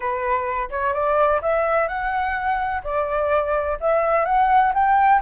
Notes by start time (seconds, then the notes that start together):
0.00 B4
0.70 C#5
0.93 D5
1.41 E5
1.87 F#5
2.83 D5
3.80 E5
4.25 F#5
4.74 G5